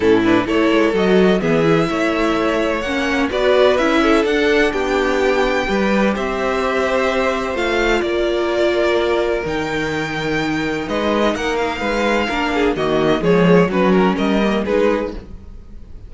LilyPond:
<<
  \new Staff \with { instrumentName = "violin" } { \time 4/4 \tempo 4 = 127 a'8 b'8 cis''4 dis''4 e''4~ | e''2 fis''4 d''4 | e''4 fis''4 g''2~ | g''4 e''2. |
f''4 d''2. | g''2. dis''4 | fis''8 f''2~ f''8 dis''4 | cis''4 b'8 ais'8 dis''4 b'4 | }
  \new Staff \with { instrumentName = "violin" } { \time 4/4 e'4 a'2 gis'4 | cis''2. b'4~ | b'8 a'4. g'2 | b'4 c''2.~ |
c''4 ais'2.~ | ais'2. b'4 | ais'4 b'4 ais'8 gis'8 fis'4 | gis'4 fis'4 ais'4 gis'4 | }
  \new Staff \with { instrumentName = "viola" } { \time 4/4 cis'8 d'8 e'4 fis'4 b8 e'8~ | e'2 cis'4 fis'4 | e'4 d'2. | g'1 |
f'1 | dis'1~ | dis'2 d'4 ais4 | gis4 cis'4. ais8 dis'4 | }
  \new Staff \with { instrumentName = "cello" } { \time 4/4 a,4 a8 gis8 fis4 e4 | a2 ais4 b4 | cis'4 d'4 b2 | g4 c'2. |
a4 ais2. | dis2. gis4 | ais4 gis4 ais4 dis4 | f4 fis4 g4 gis4 | }
>>